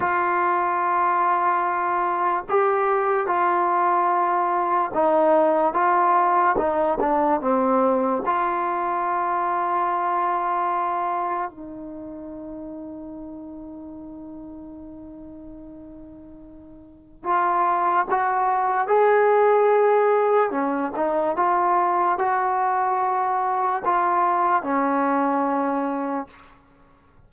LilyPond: \new Staff \with { instrumentName = "trombone" } { \time 4/4 \tempo 4 = 73 f'2. g'4 | f'2 dis'4 f'4 | dis'8 d'8 c'4 f'2~ | f'2 dis'2~ |
dis'1~ | dis'4 f'4 fis'4 gis'4~ | gis'4 cis'8 dis'8 f'4 fis'4~ | fis'4 f'4 cis'2 | }